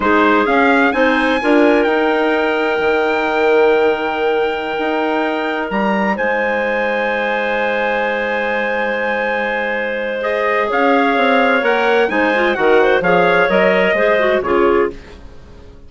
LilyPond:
<<
  \new Staff \with { instrumentName = "trumpet" } { \time 4/4 \tempo 4 = 129 c''4 f''4 gis''2 | g''1~ | g''1~ | g''16 ais''4 gis''2~ gis''8.~ |
gis''1~ | gis''2 dis''4 f''4~ | f''4 fis''4 gis''4 fis''4 | f''4 dis''2 cis''4 | }
  \new Staff \with { instrumentName = "clarinet" } { \time 4/4 gis'2 c''4 ais'4~ | ais'1~ | ais'1~ | ais'4~ ais'16 c''2~ c''8.~ |
c''1~ | c''2. cis''4~ | cis''2 c''4 ais'8 c''8 | cis''2 c''4 gis'4 | }
  \new Staff \with { instrumentName = "clarinet" } { \time 4/4 dis'4 cis'4 dis'4 f'4 | dis'1~ | dis'1~ | dis'1~ |
dis'1~ | dis'2 gis'2~ | gis'4 ais'4 dis'8 f'8 fis'4 | gis'4 ais'4 gis'8 fis'8 f'4 | }
  \new Staff \with { instrumentName = "bassoon" } { \time 4/4 gis4 cis'4 c'4 d'4 | dis'2 dis2~ | dis2~ dis16 dis'4.~ dis'16~ | dis'16 g4 gis2~ gis8.~ |
gis1~ | gis2. cis'4 | c'4 ais4 gis4 dis4 | f4 fis4 gis4 cis4 | }
>>